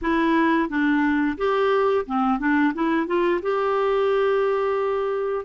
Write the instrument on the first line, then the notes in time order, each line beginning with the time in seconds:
clarinet
0.01 E4
0.68 D4
1.37 G4
2.06 C4
2.39 D4
2.73 E4
3.06 F4
3.42 G4